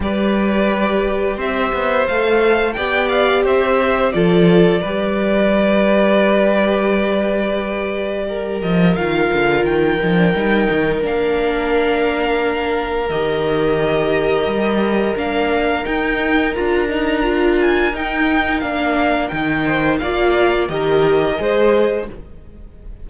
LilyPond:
<<
  \new Staff \with { instrumentName = "violin" } { \time 4/4 \tempo 4 = 87 d''2 e''4 f''4 | g''8 f''8 e''4 d''2~ | d''1~ | d''8 dis''8 f''4 g''2 |
f''2. dis''4~ | dis''2 f''4 g''4 | ais''4. gis''8 g''4 f''4 | g''4 f''4 dis''2 | }
  \new Staff \with { instrumentName = "violin" } { \time 4/4 b'2 c''2 | d''4 c''4 a'4 b'4~ | b'1 | ais'1~ |
ais'1~ | ais'1~ | ais'1~ | ais'8 c''8 d''4 ais'4 c''4 | }
  \new Staff \with { instrumentName = "viola" } { \time 4/4 g'2. a'4 | g'2 f'4 g'4~ | g'1~ | g'4 f'4. dis'16 d'16 dis'4 |
d'2. g'4~ | g'2 d'4 dis'4 | f'8 dis'8 f'4 dis'4 d'4 | dis'4 f'4 g'4 gis'4 | }
  \new Staff \with { instrumentName = "cello" } { \time 4/4 g2 c'8 b8 a4 | b4 c'4 f4 g4~ | g1~ | g8 f8 dis8 d8 dis8 f8 g8 dis8 |
ais2. dis4~ | dis4 g4 ais4 dis'4 | d'2 dis'4 ais4 | dis4 ais4 dis4 gis4 | }
>>